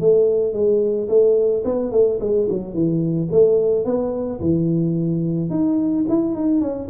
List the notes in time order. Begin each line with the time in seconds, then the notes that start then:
0.00 A3
0.53 G#3
1.09 A3
1.65 B3
1.92 A3
2.21 G#3
2.49 F#3
2.74 E3
3.32 A3
3.85 B3
4.41 E3
5.50 D#4
6.09 E4
6.36 D#4
6.61 C#4